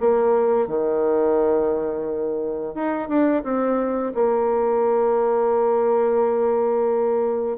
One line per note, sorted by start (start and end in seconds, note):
0.00 0.68 A#3
0.68 2.75 D#3
2.75 3.08 D#4
3.08 3.43 D4
3.44 4.13 C4
4.14 7.57 A#3